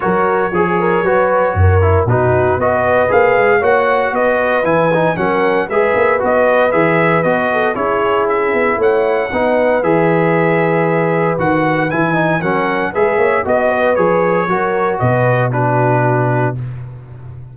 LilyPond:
<<
  \new Staff \with { instrumentName = "trumpet" } { \time 4/4 \tempo 4 = 116 cis''1 | b'4 dis''4 f''4 fis''4 | dis''4 gis''4 fis''4 e''4 | dis''4 e''4 dis''4 cis''4 |
e''4 fis''2 e''4~ | e''2 fis''4 gis''4 | fis''4 e''4 dis''4 cis''4~ | cis''4 dis''4 b'2 | }
  \new Staff \with { instrumentName = "horn" } { \time 4/4 ais'4 gis'8 ais'8 b'4 ais'4 | fis'4 b'2 cis''4 | b'2 ais'4 b'4~ | b'2~ b'8 a'8 gis'4~ |
gis'4 cis''4 b'2~ | b'1 | ais'4 b'8 cis''8 dis''8 b'4. | ais'4 b'4 fis'2 | }
  \new Staff \with { instrumentName = "trombone" } { \time 4/4 fis'4 gis'4 fis'4. e'8 | dis'4 fis'4 gis'4 fis'4~ | fis'4 e'8 dis'8 cis'4 gis'4 | fis'4 gis'4 fis'4 e'4~ |
e'2 dis'4 gis'4~ | gis'2 fis'4 e'8 dis'8 | cis'4 gis'4 fis'4 gis'4 | fis'2 d'2 | }
  \new Staff \with { instrumentName = "tuba" } { \time 4/4 fis4 f4 fis4 fis,4 | b,4 b4 ais8 gis8 ais4 | b4 e4 fis4 gis8 ais8 | b4 e4 b4 cis'4~ |
cis'8 b8 a4 b4 e4~ | e2 dis4 e4 | fis4 gis8 ais8 b4 f4 | fis4 b,2. | }
>>